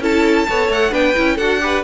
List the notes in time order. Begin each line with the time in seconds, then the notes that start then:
0.00 C#4 E4 A4 A5
0.49 B3 A4 C#5
0.69 A3 F#5
0.91 B3 D4 B4 G5
1.16 C#4 E4
1.36 D4 F#4 A4 F#5
1.60 G4 B4